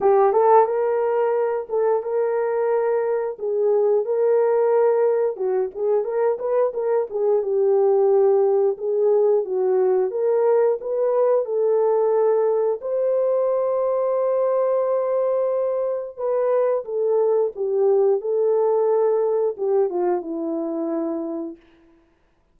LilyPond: \new Staff \with { instrumentName = "horn" } { \time 4/4 \tempo 4 = 89 g'8 a'8 ais'4. a'8 ais'4~ | ais'4 gis'4 ais'2 | fis'8 gis'8 ais'8 b'8 ais'8 gis'8 g'4~ | g'4 gis'4 fis'4 ais'4 |
b'4 a'2 c''4~ | c''1 | b'4 a'4 g'4 a'4~ | a'4 g'8 f'8 e'2 | }